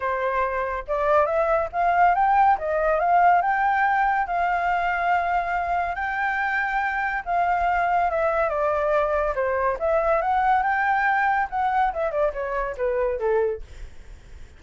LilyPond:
\new Staff \with { instrumentName = "flute" } { \time 4/4 \tempo 4 = 141 c''2 d''4 e''4 | f''4 g''4 dis''4 f''4 | g''2 f''2~ | f''2 g''2~ |
g''4 f''2 e''4 | d''2 c''4 e''4 | fis''4 g''2 fis''4 | e''8 d''8 cis''4 b'4 a'4 | }